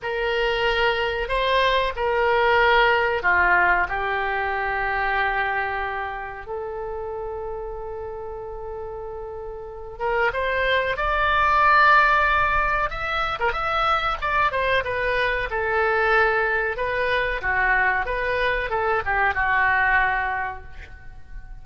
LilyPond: \new Staff \with { instrumentName = "oboe" } { \time 4/4 \tempo 4 = 93 ais'2 c''4 ais'4~ | ais'4 f'4 g'2~ | g'2 a'2~ | a'2.~ a'8 ais'8 |
c''4 d''2. | e''8. ais'16 e''4 d''8 c''8 b'4 | a'2 b'4 fis'4 | b'4 a'8 g'8 fis'2 | }